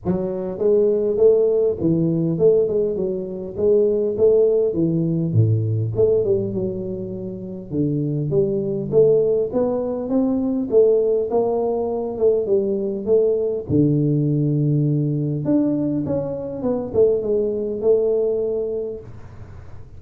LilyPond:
\new Staff \with { instrumentName = "tuba" } { \time 4/4 \tempo 4 = 101 fis4 gis4 a4 e4 | a8 gis8 fis4 gis4 a4 | e4 a,4 a8 g8 fis4~ | fis4 d4 g4 a4 |
b4 c'4 a4 ais4~ | ais8 a8 g4 a4 d4~ | d2 d'4 cis'4 | b8 a8 gis4 a2 | }